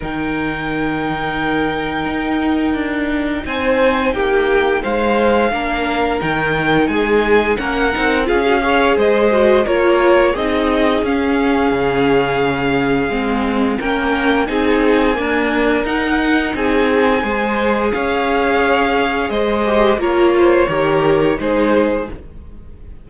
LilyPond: <<
  \new Staff \with { instrumentName = "violin" } { \time 4/4 \tempo 4 = 87 g''1~ | g''4 gis''4 g''4 f''4~ | f''4 g''4 gis''4 fis''4 | f''4 dis''4 cis''4 dis''4 |
f''1 | g''4 gis''2 fis''4 | gis''2 f''2 | dis''4 cis''2 c''4 | }
  \new Staff \with { instrumentName = "violin" } { \time 4/4 ais'1~ | ais'4 c''4 g'4 c''4 | ais'2 gis'4 ais'4 | gis'8 cis''8 c''4 ais'4 gis'4~ |
gis'1 | ais'4 gis'4 ais'2 | gis'4 c''4 cis''2 | c''4 ais'8 c''8 ais'4 gis'4 | }
  \new Staff \with { instrumentName = "viola" } { \time 4/4 dis'1~ | dis'1 | d'4 dis'2 cis'8 dis'8 | f'16 fis'16 gis'4 fis'8 f'4 dis'4 |
cis'2. c'4 | cis'4 dis'4 ais4 dis'4~ | dis'4 gis'2.~ | gis'8 g'8 f'4 g'4 dis'4 | }
  \new Staff \with { instrumentName = "cello" } { \time 4/4 dis2. dis'4 | d'4 c'4 ais4 gis4 | ais4 dis4 gis4 ais8 c'8 | cis'4 gis4 ais4 c'4 |
cis'4 cis2 gis4 | ais4 c'4 d'4 dis'4 | c'4 gis4 cis'2 | gis4 ais4 dis4 gis4 | }
>>